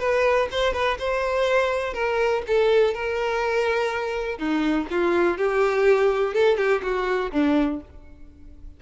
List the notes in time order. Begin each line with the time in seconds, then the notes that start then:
0.00 B4
0.52 C5
0.73 B4
0.99 C5
1.94 A#4
2.47 A4
2.94 A#4
4.39 D#4
4.91 F4
5.38 G4
6.34 A4
6.58 G4
6.83 F#4
7.32 D4